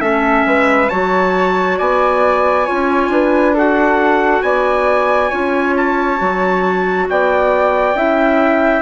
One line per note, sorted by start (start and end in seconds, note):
0.00 0.44 A3
0.00 0.89 C#4
0.00 0.46 A4
0.00 0.89 E5
0.46 0.90 G#3
0.46 0.90 B4
0.89 1.80 F#3
0.89 2.66 F#4
0.89 1.78 C#5
0.89 1.77 A5
1.78 2.68 B3
1.78 2.66 D5
1.78 3.55 G#5
2.66 3.09 C#4
2.66 3.55 F4
2.66 3.10 C#5
3.09 4.42 D4
3.09 3.54 B4
3.54 5.31 F#4
3.54 4.43 A4
3.54 4.42 F#5
4.42 5.31 B3
4.42 5.30 D5
4.42 5.75 G#5
5.30 6.21 C#4
5.30 6.17 F4
5.30 7.06 C#5
5.77 7.09 A5
6.17 7.09 F#3
6.17 7.94 F#4
7.10 7.95 B3
7.10 7.97 D5
7.10 8.82 G5
7.95 8.82 C#4
7.95 8.82 E4
7.95 8.82 E5